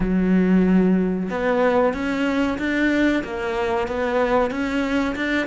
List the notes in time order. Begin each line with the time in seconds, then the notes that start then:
0.00 F#3
1.30 B3
1.93 C#4
2.58 D4
3.24 A#3
3.87 B3
4.50 C#4
5.15 D4